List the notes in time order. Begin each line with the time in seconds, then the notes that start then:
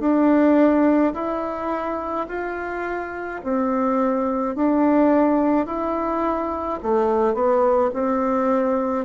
0.00 D4
1.14 E4
2.28 F4
3.44 C4
4.55 D4
5.67 E4
6.83 A3
7.34 B3
7.93 C4